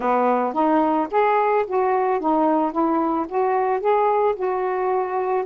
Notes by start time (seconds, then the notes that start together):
0.00 B3
0.53 D#4
1.11 G#4
1.66 F#4
2.20 D#4
2.71 E4
3.28 F#4
3.80 G#4
4.36 F#4